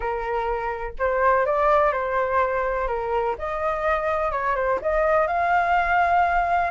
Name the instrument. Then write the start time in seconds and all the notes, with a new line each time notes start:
flute
0.00 A#4
0.98 C5
1.46 D5
1.92 C5
2.87 A#4
3.38 D#5
4.31 C#5
4.55 C5
4.81 D#5
5.27 F5